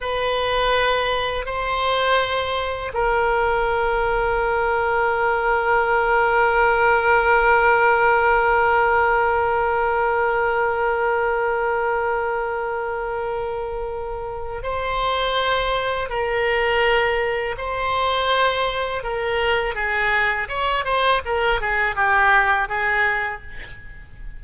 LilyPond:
\new Staff \with { instrumentName = "oboe" } { \time 4/4 \tempo 4 = 82 b'2 c''2 | ais'1~ | ais'1~ | ais'1~ |
ais'1 | c''2 ais'2 | c''2 ais'4 gis'4 | cis''8 c''8 ais'8 gis'8 g'4 gis'4 | }